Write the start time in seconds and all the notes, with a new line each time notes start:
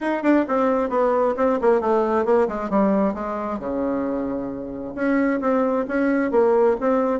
0.00 D#4
0.22 D4
0.48 C4
0.89 B3
1.36 C4
1.61 A#3
1.80 A3
2.25 A#3
2.48 G#3
2.70 G3
3.14 G#3
3.59 C#3
4.95 C#4
5.40 C4
5.87 C#4
6.31 A#3
6.80 C4